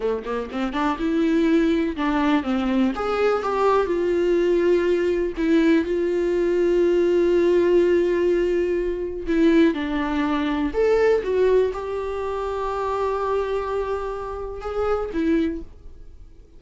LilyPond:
\new Staff \with { instrumentName = "viola" } { \time 4/4 \tempo 4 = 123 a8 ais8 c'8 d'8 e'2 | d'4 c'4 gis'4 g'4 | f'2. e'4 | f'1~ |
f'2. e'4 | d'2 a'4 fis'4 | g'1~ | g'2 gis'4 e'4 | }